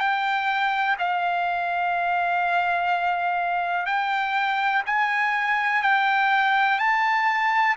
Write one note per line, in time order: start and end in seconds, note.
0.00 0.97 G5
0.99 3.87 F5
3.87 4.83 G5
4.87 5.83 G#5
5.83 6.79 G5
6.79 7.76 A5